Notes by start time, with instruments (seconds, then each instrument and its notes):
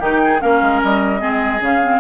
0.00 bassoon D#3, clarinet D#4, oboe G4, flute G5
0.25 oboe G#4
0.41 bassoon A#3, clarinet C#4, oboe A#4, flute F5
0.62 bassoon G#3
0.84 bassoon G3, flute D#5
1.19 bassoon G#3, clarinet C4, oboe G#4
1.61 bassoon C#3, clarinet C#4, flute F5
1.83 clarinet C4